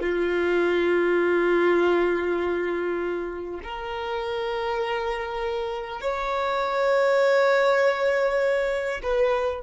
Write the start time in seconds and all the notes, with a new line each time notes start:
0.00 F4
3.63 A#4
6.01 C#5
9.02 B4